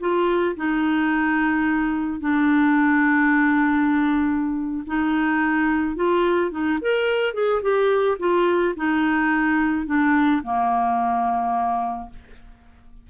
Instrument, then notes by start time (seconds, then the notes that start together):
clarinet
0.00 F4
0.56 D#4
2.20 D4
4.86 D#4
5.96 F4
6.51 D#4
6.81 A#4
7.34 G#4
7.62 G4
8.19 F4
8.76 D#4
9.86 D4
10.43 A#3